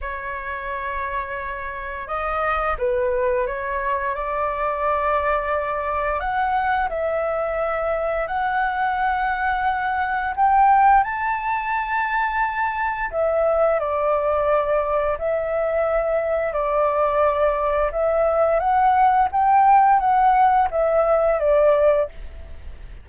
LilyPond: \new Staff \with { instrumentName = "flute" } { \time 4/4 \tempo 4 = 87 cis''2. dis''4 | b'4 cis''4 d''2~ | d''4 fis''4 e''2 | fis''2. g''4 |
a''2. e''4 | d''2 e''2 | d''2 e''4 fis''4 | g''4 fis''4 e''4 d''4 | }